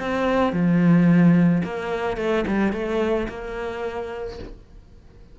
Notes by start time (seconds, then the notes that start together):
0.00 C4
0.53 F3
1.64 A#3
2.17 A3
2.47 G3
2.73 A3
3.29 A#3